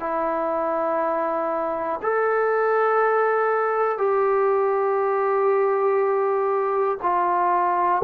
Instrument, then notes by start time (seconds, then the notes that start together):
trombone
0.00 E4
2.02 A4
3.98 G4
7.02 F4